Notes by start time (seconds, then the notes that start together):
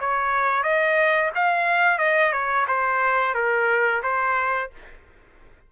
0.00 C#5
0.63 D#5
1.35 F5
1.99 D#5
2.32 C#5
2.68 C5
3.35 A#4
4.03 C5